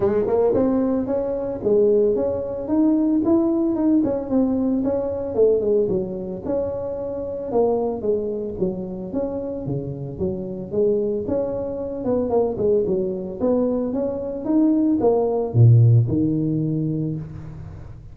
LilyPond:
\new Staff \with { instrumentName = "tuba" } { \time 4/4 \tempo 4 = 112 gis8 ais8 c'4 cis'4 gis4 | cis'4 dis'4 e'4 dis'8 cis'8 | c'4 cis'4 a8 gis8 fis4 | cis'2 ais4 gis4 |
fis4 cis'4 cis4 fis4 | gis4 cis'4. b8 ais8 gis8 | fis4 b4 cis'4 dis'4 | ais4 ais,4 dis2 | }